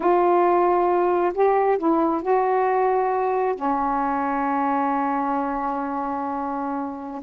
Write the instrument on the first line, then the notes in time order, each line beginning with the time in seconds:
saxophone
0.00 F4
1.34 G4
1.78 E4
2.22 F#4
3.55 C#4